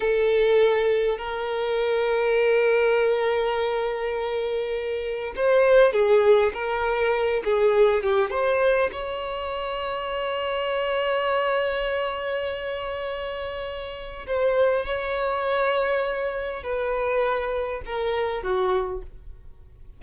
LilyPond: \new Staff \with { instrumentName = "violin" } { \time 4/4 \tempo 4 = 101 a'2 ais'2~ | ais'1~ | ais'4 c''4 gis'4 ais'4~ | ais'8 gis'4 g'8 c''4 cis''4~ |
cis''1~ | cis''1 | c''4 cis''2. | b'2 ais'4 fis'4 | }